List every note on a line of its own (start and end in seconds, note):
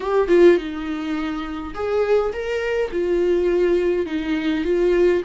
0.00 0.28 G4
0.28 0.57 F4
0.57 1.73 D#4
1.74 2.32 G#4
2.32 2.90 A#4
2.91 4.06 F4
4.06 4.64 D#4
4.64 5.22 F4